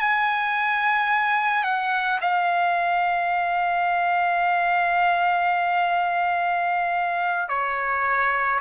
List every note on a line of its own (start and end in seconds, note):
0.00 1.64 G#5
1.64 2.19 F#5
2.21 7.49 F5
7.49 8.60 C#5